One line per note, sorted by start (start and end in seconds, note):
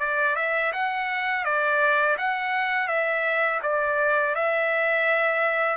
0.00 0.36 D5
0.36 0.72 E5
0.73 1.45 F#5
1.45 2.17 D5
2.18 2.88 F#5
2.88 3.60 E5
3.63 4.35 D5
4.35 5.77 E5